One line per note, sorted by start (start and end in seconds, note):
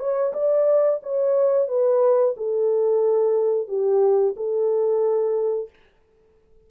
0.00 0.33 C#5
0.34 1.00 D5
1.03 1.68 C#5
1.68 2.35 B4
2.37 3.68 A4
3.68 4.35 G4
4.37 5.70 A4